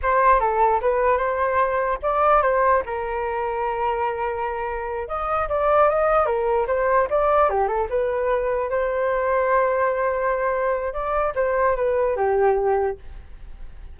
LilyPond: \new Staff \with { instrumentName = "flute" } { \time 4/4 \tempo 4 = 148 c''4 a'4 b'4 c''4~ | c''4 d''4 c''4 ais'4~ | ais'1~ | ais'8 dis''4 d''4 dis''4 ais'8~ |
ais'8 c''4 d''4 g'8 a'8 b'8~ | b'4. c''2~ c''8~ | c''2. d''4 | c''4 b'4 g'2 | }